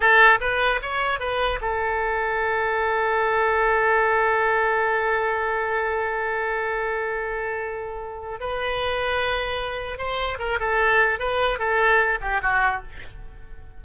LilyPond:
\new Staff \with { instrumentName = "oboe" } { \time 4/4 \tempo 4 = 150 a'4 b'4 cis''4 b'4 | a'1~ | a'1~ | a'1~ |
a'1~ | a'4 b'2.~ | b'4 c''4 ais'8 a'4. | b'4 a'4. g'8 fis'4 | }